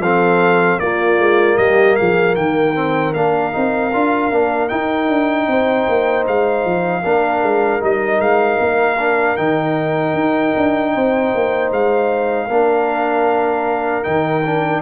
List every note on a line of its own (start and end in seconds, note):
0.00 0.78 F3
0.00 0.82 C4
0.00 0.81 A4
0.00 0.80 F5
0.80 1.19 A#3
0.80 2.75 A#3
0.80 1.59 F4
0.80 1.58 D5
1.19 1.58 G#3
1.58 1.97 G3
1.58 1.97 G4
1.58 1.96 D#5
1.96 2.37 F3
1.96 2.36 G#4
1.96 2.35 F5
2.36 3.15 D#3
2.36 5.50 A#4
2.36 3.14 G5
2.75 3.14 C4
3.14 3.54 A#3
3.14 3.53 D4
3.14 4.69 F5
3.53 3.95 C4
3.53 3.92 D#4
3.93 4.32 D4
3.93 4.32 F4
4.32 4.71 A#3
4.32 4.69 D4
4.69 7.03 D#4
4.69 5.09 D#4
4.69 6.25 G5
5.09 5.48 D4
5.48 5.87 C4
5.48 7.03 C5
5.89 6.28 A#3
6.28 6.66 G#3
6.28 7.84 F5
6.66 7.05 F3
7.03 7.43 A#3
7.03 7.81 D4
7.03 10.93 A#4
7.43 7.82 G#3
7.81 8.20 G3
7.81 8.98 D#4
7.81 8.22 D#5
8.20 8.59 G#3
8.20 9.37 F5
8.60 9.38 A#3
8.99 9.38 D4
9.37 10.14 D#3
9.37 12.50 D#4
9.37 11.71 G5
10.14 10.53 D#4
10.57 10.96 D4
10.94 11.35 C4
10.94 12.48 C5
11.35 11.72 A#3
11.72 12.50 G#3
11.72 14.04 F5
12.48 14.06 A#3
12.48 14.04 D4
12.48 14.82 A#4
14.04 14.83 D#3
14.04 14.43 D#4
14.04 14.82 G5
14.46 14.83 D4